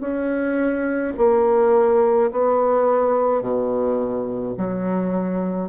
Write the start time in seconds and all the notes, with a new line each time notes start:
0.00 C#4
1.17 A#3
2.31 B3
3.41 B2
4.57 F#3